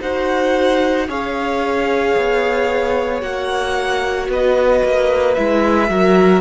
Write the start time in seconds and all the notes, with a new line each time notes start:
0.00 D#4 F#4 C5 F#5
1.08 C#4 G#4 C#5 F5
2.16 B3
3.21 A#3 F#4 F#5
4.28 B3 B4 D#5
4.83 A#3
5.34 G#3 E4 E5
5.88 F#3 F#4 A#4